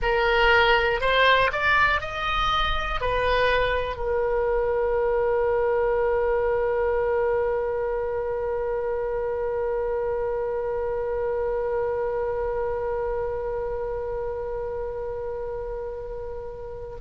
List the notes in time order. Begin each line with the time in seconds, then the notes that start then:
0.02 A#4
1.00 C5
1.52 D5
2.00 D#5
3.00 B4
3.96 A#4